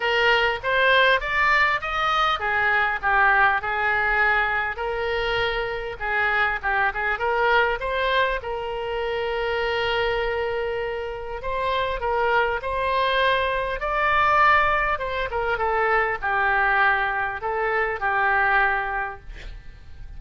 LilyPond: \new Staff \with { instrumentName = "oboe" } { \time 4/4 \tempo 4 = 100 ais'4 c''4 d''4 dis''4 | gis'4 g'4 gis'2 | ais'2 gis'4 g'8 gis'8 | ais'4 c''4 ais'2~ |
ais'2. c''4 | ais'4 c''2 d''4~ | d''4 c''8 ais'8 a'4 g'4~ | g'4 a'4 g'2 | }